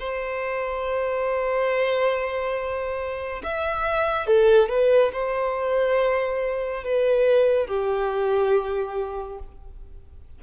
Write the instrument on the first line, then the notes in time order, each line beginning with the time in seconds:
violin
0.00 C5
3.44 E5
4.27 A4
4.69 B4
5.13 C5
6.84 B4
7.67 G4